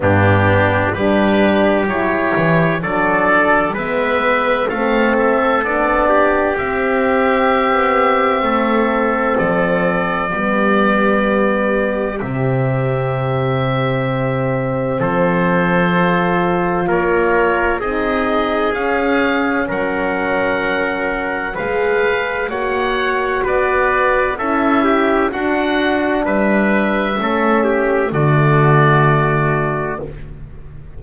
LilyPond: <<
  \new Staff \with { instrumentName = "oboe" } { \time 4/4 \tempo 4 = 64 g'4 b'4 cis''4 d''4 | e''4 f''8 e''8 d''4 e''4~ | e''2 d''2~ | d''4 e''2. |
c''2 cis''4 dis''4 | f''4 fis''2 f''4 | fis''4 d''4 e''4 fis''4 | e''2 d''2 | }
  \new Staff \with { instrumentName = "trumpet" } { \time 4/4 d'4 g'2 a'4 | b'4 a'4. g'4.~ | g'4 a'2 g'4~ | g'1 |
a'2 ais'4 gis'4~ | gis'4 ais'2 b'4 | cis''4 b'4 a'8 g'8 fis'4 | b'4 a'8 g'8 fis'2 | }
  \new Staff \with { instrumentName = "horn" } { \time 4/4 b4 d'4 e'4 d'4 | b4 c'4 d'4 c'4~ | c'2. b4~ | b4 c'2.~ |
c'4 f'2 dis'4 | cis'2. gis'4 | fis'2 e'4 d'4~ | d'4 cis'4 a2 | }
  \new Staff \with { instrumentName = "double bass" } { \time 4/4 g,4 g4 fis8 e8 fis4 | gis4 a4 b4 c'4~ | c'16 b8. a4 f4 g4~ | g4 c2. |
f2 ais4 c'4 | cis'4 fis2 gis4 | ais4 b4 cis'4 d'4 | g4 a4 d2 | }
>>